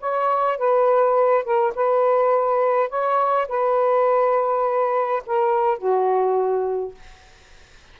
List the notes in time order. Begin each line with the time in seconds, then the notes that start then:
0.00 C#5
0.57 B4
1.44 A#4
1.75 B4
2.89 C#5
3.48 B4
5.26 A#4
5.78 F#4